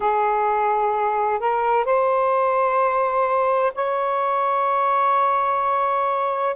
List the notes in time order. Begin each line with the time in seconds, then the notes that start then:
0.00 G#4
1.39 A#4
1.85 C5
3.75 C#5